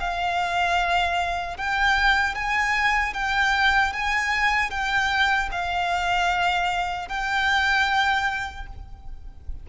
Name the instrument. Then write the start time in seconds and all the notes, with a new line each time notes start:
violin
0.00 F5
1.57 G5
2.35 G#5
3.14 G5
3.93 G#5
4.70 G5
5.51 F5
7.08 G5